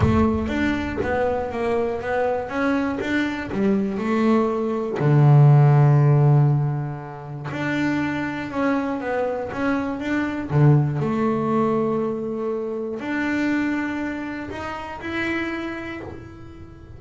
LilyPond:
\new Staff \with { instrumentName = "double bass" } { \time 4/4 \tempo 4 = 120 a4 d'4 b4 ais4 | b4 cis'4 d'4 g4 | a2 d2~ | d2. d'4~ |
d'4 cis'4 b4 cis'4 | d'4 d4 a2~ | a2 d'2~ | d'4 dis'4 e'2 | }